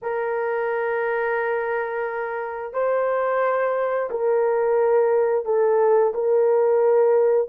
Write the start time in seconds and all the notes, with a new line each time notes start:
0.02 A#4
2.73 C5
4.10 A#4
5.45 A4
6.14 A#4